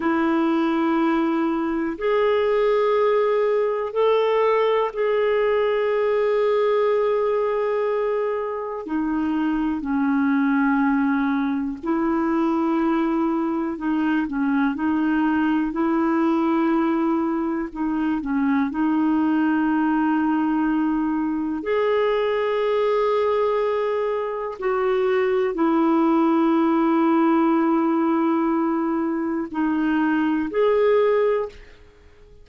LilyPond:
\new Staff \with { instrumentName = "clarinet" } { \time 4/4 \tempo 4 = 61 e'2 gis'2 | a'4 gis'2.~ | gis'4 dis'4 cis'2 | e'2 dis'8 cis'8 dis'4 |
e'2 dis'8 cis'8 dis'4~ | dis'2 gis'2~ | gis'4 fis'4 e'2~ | e'2 dis'4 gis'4 | }